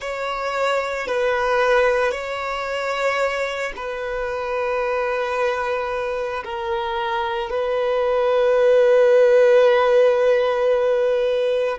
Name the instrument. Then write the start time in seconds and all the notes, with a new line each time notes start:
violin
0.00 C#5
1.07 B4
2.11 C#5
3.75 B4
6.44 A#4
7.50 B4